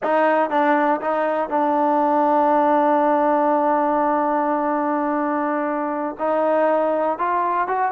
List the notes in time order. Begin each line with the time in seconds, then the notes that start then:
0.03 D#4
0.50 D4
1.01 D#4
1.49 D4
6.18 D#4
7.18 F4
7.67 F#4